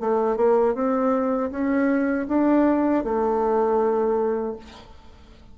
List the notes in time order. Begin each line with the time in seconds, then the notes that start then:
0.00 A3
0.36 A#3
0.75 C4
1.51 C#4
2.28 D4
3.04 A3